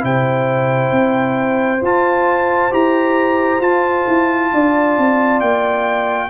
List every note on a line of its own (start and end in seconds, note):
0.00 0.92 C3
0.00 1.79 E4
0.00 4.52 C5
0.00 1.84 G5
0.92 1.81 C4
1.82 2.71 F4
1.82 2.74 A5
2.71 3.60 E4
2.71 3.61 G4
2.71 3.61 A#5
3.60 4.05 F4
3.60 6.30 F4
3.60 5.40 A5
4.07 4.52 E4
4.53 4.98 D4
4.53 6.30 D5
4.98 5.41 C4
5.40 6.30 A#3
5.40 6.30 G5